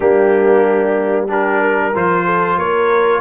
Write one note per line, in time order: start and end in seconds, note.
0.00 1.94 G3
0.00 1.28 A#3
0.00 1.28 D4
0.00 1.26 G4
1.28 1.92 D4
1.28 1.60 G4
1.28 1.95 A#4
1.60 2.25 A#4
1.94 2.57 F3
1.94 3.20 F4
1.94 2.58 C5
2.25 2.57 A4
2.57 3.20 A#3
2.57 3.20 A#4
2.57 3.20 C#5